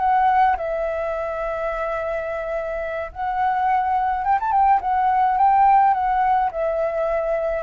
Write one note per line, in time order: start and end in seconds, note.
0.00 0.57 F#5
0.57 3.12 E5
3.13 4.25 F#5
4.25 4.39 G5
4.41 4.52 A5
4.52 4.81 G5
4.81 5.38 F#5
5.38 5.94 G5
5.94 6.51 F#5
6.52 7.64 E5